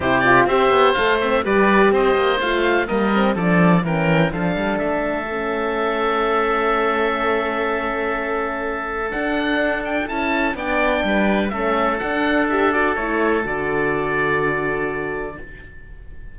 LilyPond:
<<
  \new Staff \with { instrumentName = "oboe" } { \time 4/4 \tempo 4 = 125 c''8 d''8 e''4 f''8 e''8 d''4 | dis''4 f''4 dis''4 d''4 | g''4 f''4 e''2~ | e''1~ |
e''2. fis''4~ | fis''8 g''8 a''4 g''2 | e''4 fis''4 e''8 d''8 cis''4 | d''1 | }
  \new Staff \with { instrumentName = "oboe" } { \time 4/4 g'4 c''2 b'4 | c''2 ais'4 a'4 | ais'4 a'2.~ | a'1~ |
a'1~ | a'2 d''4 b'4 | a'1~ | a'1 | }
  \new Staff \with { instrumentName = "horn" } { \time 4/4 e'8 f'8 g'4 a'8 c'8 g'4~ | g'4 f'4 ais8 c'8 d'4 | cis'4 d'2 cis'4~ | cis'1~ |
cis'2. d'4~ | d'4 e'4 d'2 | cis'4 d'4 g'8 fis'8 e'4 | fis'1 | }
  \new Staff \with { instrumentName = "cello" } { \time 4/4 c4 c'8 b8 a4 g4 | c'8 ais8 a4 g4 f4 | e4 f8 g8 a2~ | a1~ |
a2. d'4~ | d'4 cis'4 b4 g4 | a4 d'2 a4 | d1 | }
>>